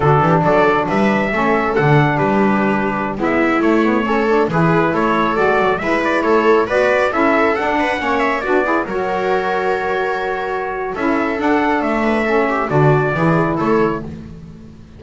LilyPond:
<<
  \new Staff \with { instrumentName = "trumpet" } { \time 4/4 \tempo 4 = 137 a'4 d''4 e''2 | fis''4 b'2~ b'16 e''8.~ | e''16 cis''2 b'4 cis''8.~ | cis''16 d''4 e''8 d''8 cis''4 d''8.~ |
d''16 e''4 fis''4. e''8 d''8.~ | d''16 cis''2.~ cis''8.~ | cis''4 e''4 fis''4 e''4~ | e''4 d''2 cis''4 | }
  \new Staff \with { instrumentName = "viola" } { \time 4/4 fis'8 g'8 a'4 b'4 a'4~ | a'4 g'2~ g'16 e'8.~ | e'4~ e'16 a'4 gis'4 a'8.~ | a'4~ a'16 b'4 a'4 b'8.~ |
b'16 a'4. b'8 cis''4 fis'8 gis'16~ | gis'16 ais'2.~ ais'8.~ | ais'4 a'2~ a'8 b'8 | a'8 g'8 fis'4 gis'4 a'4 | }
  \new Staff \with { instrumentName = "saxophone" } { \time 4/4 d'2. cis'4 | d'2.~ d'16 b8.~ | b16 a8 b8 cis'8 d'8 e'4.~ e'16~ | e'16 fis'4 e'2 fis'8.~ |
fis'16 e'4 d'4 cis'4 d'8 e'16~ | e'16 fis'2.~ fis'8.~ | fis'4 e'4 d'2 | cis'4 d'4 e'2 | }
  \new Staff \with { instrumentName = "double bass" } { \time 4/4 d8 e8 fis4 g4 a4 | d4 g2~ g16 gis8.~ | gis16 a2 e4 a8.~ | a16 gis8 fis8 gis4 a4 b8.~ |
b16 cis'4 d'4 ais4 b8.~ | b16 fis2.~ fis8.~ | fis4 cis'4 d'4 a4~ | a4 d4 e4 a4 | }
>>